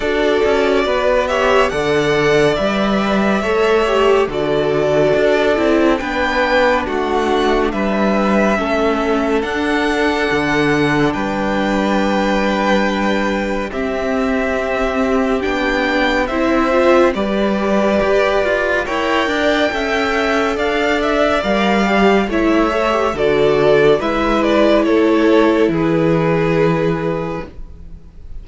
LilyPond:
<<
  \new Staff \with { instrumentName = "violin" } { \time 4/4 \tempo 4 = 70 d''4. e''8 fis''4 e''4~ | e''4 d''2 g''4 | fis''4 e''2 fis''4~ | fis''4 g''2. |
e''2 g''4 e''4 | d''2 g''2 | f''8 e''8 f''4 e''4 d''4 | e''8 d''8 cis''4 b'2 | }
  \new Staff \with { instrumentName = "violin" } { \time 4/4 a'4 b'8 cis''8 d''2 | cis''4 a'2 b'4 | fis'4 b'4 a'2~ | a'4 b'2. |
g'2. c''4 | b'2 cis''8 d''8 e''4 | d''2 cis''4 a'4 | b'4 a'4 gis'2 | }
  \new Staff \with { instrumentName = "viola" } { \time 4/4 fis'4. g'8 a'4 b'4 | a'8 g'8 fis'4. e'8 d'4~ | d'2 cis'4 d'4~ | d'1 |
c'2 d'4 e'8 f'8 | g'2 ais'4 a'4~ | a'4 ais'8 g'8 e'8 a'16 g'16 fis'4 | e'1 | }
  \new Staff \with { instrumentName = "cello" } { \time 4/4 d'8 cis'8 b4 d4 g4 | a4 d4 d'8 c'8 b4 | a4 g4 a4 d'4 | d4 g2. |
c'2 b4 c'4 | g4 g'8 f'8 e'8 d'8 cis'4 | d'4 g4 a4 d4 | gis4 a4 e2 | }
>>